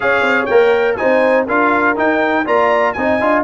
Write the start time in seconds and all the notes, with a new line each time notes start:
0.00 C#4 G#4 C#5 F5
0.21 C4
0.45 A#3 A#4 G5
0.96 D#4 C5 G#5
1.03 C4
1.45 D4 F4 A#4 F5
1.96 D#4 G5
2.45 A#3 F4 D5 A#5
2.93 C4 D#4 D#5 G#5
3.20 D4 F4